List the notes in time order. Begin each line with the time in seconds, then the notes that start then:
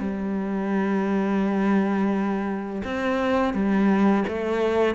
0.00 G3
2.84 C4
3.54 G3
4.28 A3